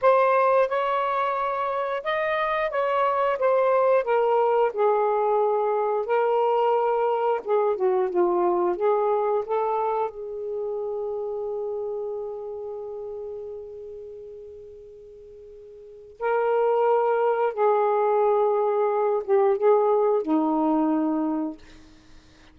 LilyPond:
\new Staff \with { instrumentName = "saxophone" } { \time 4/4 \tempo 4 = 89 c''4 cis''2 dis''4 | cis''4 c''4 ais'4 gis'4~ | gis'4 ais'2 gis'8 fis'8 | f'4 gis'4 a'4 gis'4~ |
gis'1~ | gis'1 | ais'2 gis'2~ | gis'8 g'8 gis'4 dis'2 | }